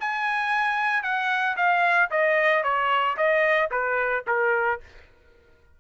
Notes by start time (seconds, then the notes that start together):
0.00 G#5
1.03 F#5
1.57 F5
2.10 D#5
2.64 C#5
3.17 D#5
3.71 B4
4.27 A#4